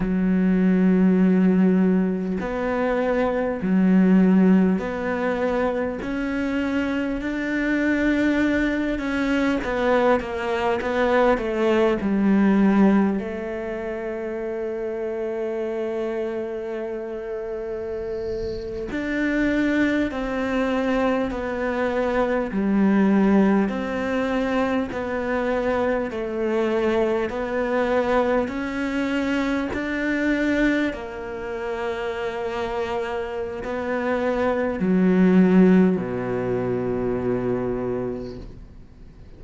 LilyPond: \new Staff \with { instrumentName = "cello" } { \time 4/4 \tempo 4 = 50 fis2 b4 fis4 | b4 cis'4 d'4. cis'8 | b8 ais8 b8 a8 g4 a4~ | a2.~ a8. d'16~ |
d'8. c'4 b4 g4 c'16~ | c'8. b4 a4 b4 cis'16~ | cis'8. d'4 ais2~ ais16 | b4 fis4 b,2 | }